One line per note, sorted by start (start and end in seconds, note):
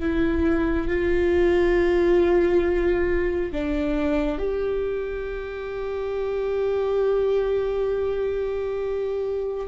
0.00 0.88 E4
0.88 3.53 F4
3.53 4.39 D4
4.39 9.68 G4